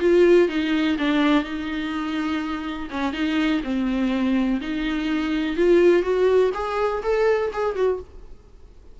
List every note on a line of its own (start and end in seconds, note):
0.00 0.48 F4
0.48 0.97 D#4
0.98 1.43 D4
1.43 2.88 D#4
2.90 3.13 C#4
3.13 3.61 D#4
3.63 4.60 C4
4.61 5.56 D#4
5.56 6.02 F4
6.02 6.51 F#4
6.54 7.02 G#4
7.02 7.51 A4
7.53 7.76 G#4
7.76 8.00 F#4